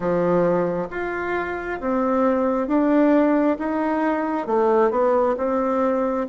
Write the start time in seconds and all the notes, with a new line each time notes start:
0.00 F3
0.90 F4
1.80 C4
2.67 D4
3.59 D#4
4.47 A3
4.91 B3
5.37 C4